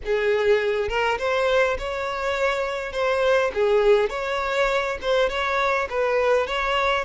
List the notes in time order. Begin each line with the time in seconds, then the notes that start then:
0.05 G#4
0.88 A#4
1.18 C5
1.78 C#5
2.92 C5
3.53 G#4
4.09 C#5
5.01 C5
5.29 C#5
5.89 B4
6.47 C#5